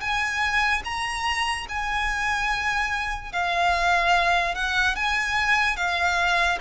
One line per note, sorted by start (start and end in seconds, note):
0.00 0.82 G#5
0.84 1.66 A#5
1.68 3.32 G#5
3.32 4.55 F5
4.55 4.95 F#5
4.95 5.76 G#5
5.76 6.58 F5